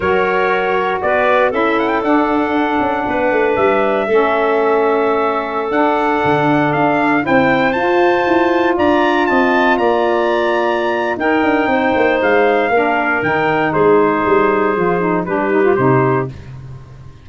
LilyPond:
<<
  \new Staff \with { instrumentName = "trumpet" } { \time 4/4 \tempo 4 = 118 cis''2 d''4 e''8 fis''16 g''16 | fis''2. e''4~ | e''2.~ e''16 fis''8.~ | fis''4~ fis''16 f''4 g''4 a''8.~ |
a''4~ a''16 ais''4 a''4 ais''8.~ | ais''2 g''2 | f''2 g''4 c''4~ | c''2 b'4 c''4 | }
  \new Staff \with { instrumentName = "clarinet" } { \time 4/4 ais'2 b'4 a'4~ | a'2 b'2 | a'1~ | a'2~ a'16 c''4.~ c''16~ |
c''4~ c''16 d''4 dis''4 d''8.~ | d''2 ais'4 c''4~ | c''4 ais'2 gis'4~ | gis'2 g'2 | }
  \new Staff \with { instrumentName = "saxophone" } { \time 4/4 fis'2. e'4 | d'1 | cis'2.~ cis'16 d'8.~ | d'2~ d'16 e'4 f'8.~ |
f'1~ | f'2 dis'2~ | dis'4 d'4 dis'2~ | dis'4 f'8 dis'8 d'8 dis'16 f'16 dis'4 | }
  \new Staff \with { instrumentName = "tuba" } { \time 4/4 fis2 b4 cis'4 | d'4. cis'8 b8 a8 g4 | a2.~ a16 d'8.~ | d'16 d4 d'4 c'4 f'8.~ |
f'16 e'4 d'4 c'4 ais8.~ | ais2 dis'8 d'8 c'8 ais8 | gis4 ais4 dis4 gis4 | g4 f4 g4 c4 | }
>>